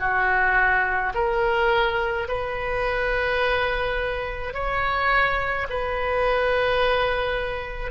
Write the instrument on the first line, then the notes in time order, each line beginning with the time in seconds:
oboe
0.00 F#4
1.15 A#4
2.28 B4
4.54 C#5
5.70 B4